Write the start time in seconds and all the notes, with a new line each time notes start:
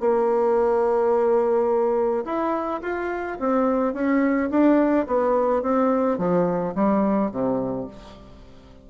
0.00 A#3
2.25 E4
2.82 F4
3.40 C4
3.93 C#4
4.50 D4
5.06 B3
5.62 C4
6.18 F3
6.75 G3
7.31 C3